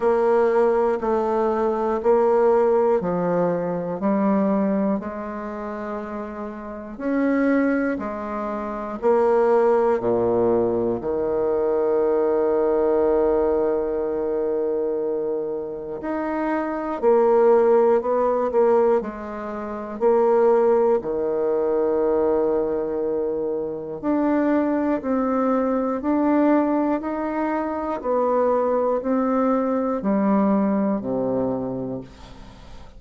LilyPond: \new Staff \with { instrumentName = "bassoon" } { \time 4/4 \tempo 4 = 60 ais4 a4 ais4 f4 | g4 gis2 cis'4 | gis4 ais4 ais,4 dis4~ | dis1 |
dis'4 ais4 b8 ais8 gis4 | ais4 dis2. | d'4 c'4 d'4 dis'4 | b4 c'4 g4 c4 | }